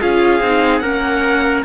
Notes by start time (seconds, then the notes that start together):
0.00 C#4 F4 G#4 F5
0.40 C4 D#4
0.79 A#3 C#4 A#4 F#5